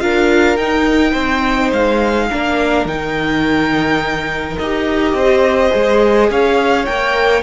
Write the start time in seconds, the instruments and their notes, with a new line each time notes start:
0.00 cello D4, viola F4, violin A#4 F5
0.57 cello D#4, viola D#4, violin G5
1.13 cello C4, violin C5
1.73 cello G#3, violin F5
2.31 cello A#3, viola D4, violin A#4
2.85 cello D#3, viola D#4, violin G5
4.58 cello D#4, viola G4, violin D#5
5.13 cello C4, violin C5
5.71 cello G#3, viola G#4
6.31 cello C#4, violin C#5 F5
6.86 cello A#3, viola A#4, violin G5